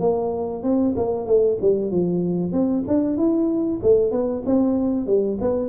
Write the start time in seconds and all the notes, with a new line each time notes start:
0.00 A#3
0.63 C4
0.96 A#3
1.26 A3
1.61 G3
1.91 F3
2.53 C4
2.87 D4
3.17 E4
3.83 A3
4.11 B3
4.46 C4
5.07 G3
5.41 B3